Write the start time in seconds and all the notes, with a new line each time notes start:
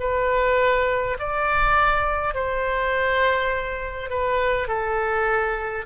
0.00 B4
1.19 D5
2.34 C5
4.10 B4
4.68 A4